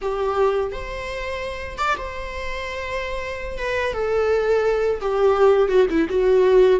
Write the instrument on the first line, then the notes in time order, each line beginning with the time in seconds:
viola
0.01 G4
0.72 C5
1.78 D5
1.97 C5
3.57 B4
3.93 A4
5.00 G4
5.68 F#4
5.90 E4
6.09 F#4